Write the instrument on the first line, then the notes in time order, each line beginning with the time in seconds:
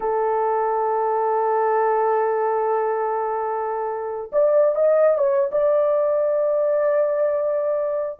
horn
0.00 A4
4.32 D5
4.75 D#5
5.17 C#5
5.51 D5